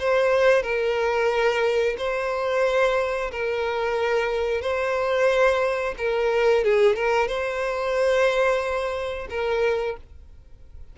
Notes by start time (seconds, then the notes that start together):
0.00 C5
0.63 A#4
1.98 C5
3.32 A#4
4.62 C5
5.98 A#4
6.65 G#4
6.96 A#4
7.28 C5
9.30 A#4